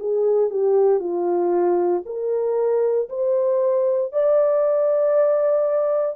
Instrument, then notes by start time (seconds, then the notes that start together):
horn
0.00 G#4
0.50 G4
1.00 F4
2.05 A#4
3.09 C5
4.12 D5